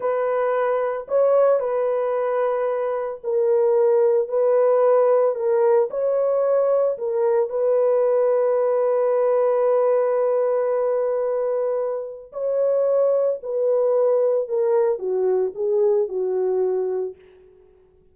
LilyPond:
\new Staff \with { instrumentName = "horn" } { \time 4/4 \tempo 4 = 112 b'2 cis''4 b'4~ | b'2 ais'2 | b'2 ais'4 cis''4~ | cis''4 ais'4 b'2~ |
b'1~ | b'2. cis''4~ | cis''4 b'2 ais'4 | fis'4 gis'4 fis'2 | }